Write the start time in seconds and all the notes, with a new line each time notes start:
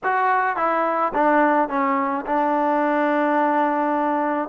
0.03 F#4
0.56 E4
1.13 D4
1.68 C#4
2.26 D4